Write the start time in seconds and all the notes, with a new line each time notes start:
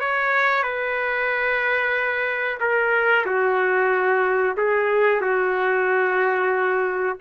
0.00 C#5
0.63 B4
2.60 A#4
3.25 F#4
4.57 G#4
5.21 F#4